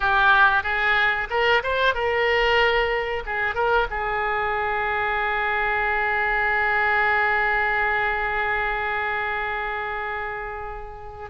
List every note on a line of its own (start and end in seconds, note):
0.00 0.63 G4
0.63 1.27 G#4
1.30 1.62 A#4
1.63 1.94 C5
1.94 3.23 A#4
3.26 3.55 G#4
3.55 3.87 A#4
3.90 11.30 G#4